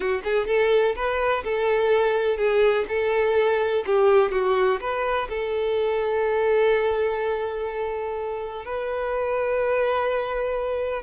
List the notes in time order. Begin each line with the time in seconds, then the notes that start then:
0.00 F#4
0.24 G#4
0.47 A4
0.95 B4
1.44 A4
2.37 G#4
2.88 A4
3.85 G4
4.31 F#4
4.80 B4
5.29 A4
8.65 B4